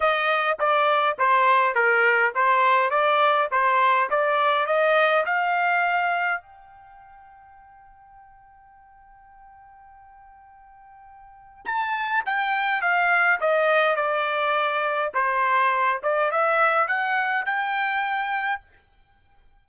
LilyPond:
\new Staff \with { instrumentName = "trumpet" } { \time 4/4 \tempo 4 = 103 dis''4 d''4 c''4 ais'4 | c''4 d''4 c''4 d''4 | dis''4 f''2 g''4~ | g''1~ |
g''1 | a''4 g''4 f''4 dis''4 | d''2 c''4. d''8 | e''4 fis''4 g''2 | }